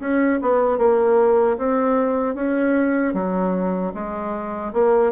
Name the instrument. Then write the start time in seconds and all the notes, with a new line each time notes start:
bassoon
0.00 C#4
0.41 B3
0.78 A#3
1.57 C4
2.35 C#4
3.14 F#3
3.94 G#3
4.73 A#3